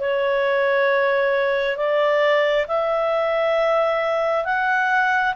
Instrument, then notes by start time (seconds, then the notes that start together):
clarinet
0.00 C#5
1.77 D5
2.68 E5
4.45 F#5